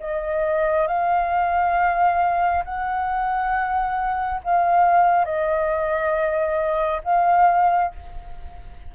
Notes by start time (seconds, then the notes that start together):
0.00 D#5
0.87 F5
2.65 F#5
4.44 F5
5.25 D#5
7.04 F5